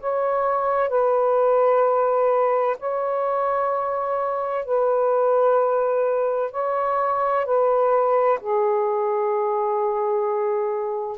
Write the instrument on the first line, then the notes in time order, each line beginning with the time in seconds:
saxophone
0.00 C#5
0.89 B4
2.80 C#5
4.65 B4
6.52 C#5
7.46 B4
8.40 G#4